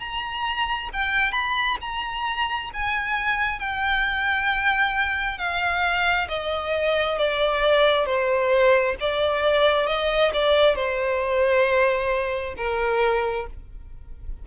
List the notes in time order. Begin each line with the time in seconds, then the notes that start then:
0.00 A#5
0.93 G5
1.33 B5
1.81 A#5
2.74 G#5
3.59 G5
5.39 F5
6.29 D#5
7.18 D5
8.06 C5
9.00 D5
9.87 D#5
10.34 D5
10.76 C5
12.57 A#4